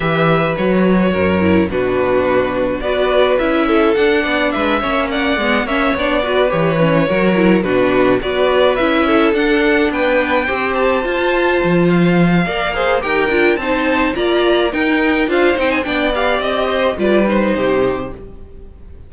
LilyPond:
<<
  \new Staff \with { instrumentName = "violin" } { \time 4/4 \tempo 4 = 106 e''4 cis''2 b'4~ | b'4 d''4 e''4 fis''4 | e''4 fis''4 e''8 d''4 cis''8~ | cis''4. b'4 d''4 e''8~ |
e''8 fis''4 g''4. a''4~ | a''4 f''2 g''4 | a''4 ais''4 g''4 f''8 g''16 gis''16 | g''8 f''8 dis''4 d''8 c''4. | }
  \new Staff \with { instrumentName = "violin" } { \time 4/4 b'2 ais'4 fis'4~ | fis'4 b'4. a'4 d''8 | b'8 cis''8 d''4 cis''4 b'4~ | b'8 ais'4 fis'4 b'4. |
a'4. b'4 c''4.~ | c''2 d''8 c''8 ais'4 | c''4 d''4 ais'4 c''4 | d''4. c''8 b'4 g'4 | }
  \new Staff \with { instrumentName = "viola" } { \time 4/4 g'4 fis'4. e'8 d'4~ | d'4 fis'4 e'4 d'4~ | d'8 cis'4 b8 cis'8 d'8 fis'8 g'8 | cis'8 fis'8 e'8 d'4 fis'4 e'8~ |
e'8 d'2 g'4 f'8~ | f'2 ais'8 gis'8 g'8 f'8 | dis'4 f'4 dis'4 f'8 dis'8 | d'8 g'4. f'8 dis'4. | }
  \new Staff \with { instrumentName = "cello" } { \time 4/4 e4 fis4 fis,4 b,4~ | b,4 b4 cis'4 d'8 b8 | gis8 ais4 gis8 ais8 b4 e8~ | e8 fis4 b,4 b4 cis'8~ |
cis'8 d'4 b4 c'4 f'8~ | f'8 f4. ais4 dis'8 d'8 | c'4 ais4 dis'4 d'8 c'8 | b4 c'4 g4 c4 | }
>>